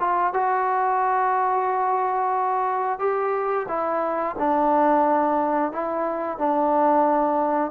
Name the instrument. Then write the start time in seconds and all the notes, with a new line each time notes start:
trombone
0.00 F4
0.34 F#4
2.99 G4
3.69 E4
4.39 D4
5.73 E4
6.39 D4